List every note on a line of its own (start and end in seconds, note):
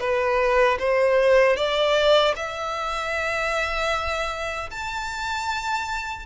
0.00 0.78 B4
0.79 1.57 C5
1.57 2.34 D5
2.36 4.70 E5
4.71 6.26 A5